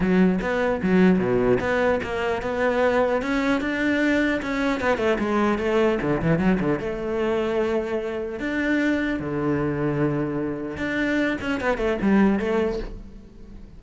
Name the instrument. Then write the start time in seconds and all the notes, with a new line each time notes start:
cello
0.00 F#3
0.41 B3
0.82 F#3
1.18 B2
1.60 B3
2.03 A#3
2.41 B3
3.22 C#4
3.60 D4
4.42 C#4
4.80 B3
4.97 A3
5.18 G#3
5.58 A3
6.01 D3
6.22 E3
6.39 F#3
6.60 D3
6.79 A3
8.39 D4
9.19 D3
10.77 D4
11.41 C#4
11.60 B3
11.77 A3
12.01 G3
12.39 A3